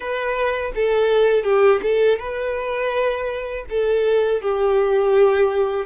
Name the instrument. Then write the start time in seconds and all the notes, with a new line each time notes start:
violin
0.00 B4
0.75 A4
1.43 G4
1.82 A4
2.19 B4
3.69 A4
4.41 G4